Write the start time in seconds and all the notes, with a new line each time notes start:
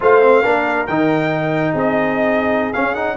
0.00 A3 F4 C5 F5
0.21 C4
0.42 A#3 D4 A#4
0.86 D#3 D#4 G5
1.72 C4 G#4 D#5
2.73 C#4 F5
2.94 D#4 F#5